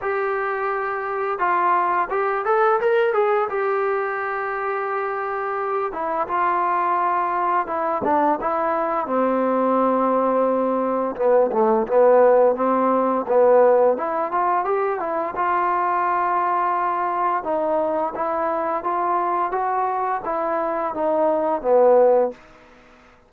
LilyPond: \new Staff \with { instrumentName = "trombone" } { \time 4/4 \tempo 4 = 86 g'2 f'4 g'8 a'8 | ais'8 gis'8 g'2.~ | g'8 e'8 f'2 e'8 d'8 | e'4 c'2. |
b8 a8 b4 c'4 b4 | e'8 f'8 g'8 e'8 f'2~ | f'4 dis'4 e'4 f'4 | fis'4 e'4 dis'4 b4 | }